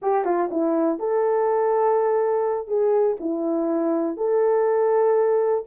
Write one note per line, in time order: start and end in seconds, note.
0.01 0.25 G4
0.25 0.49 F4
0.51 0.99 E4
0.99 2.67 A4
2.67 3.16 G#4
3.20 4.17 E4
4.17 5.64 A4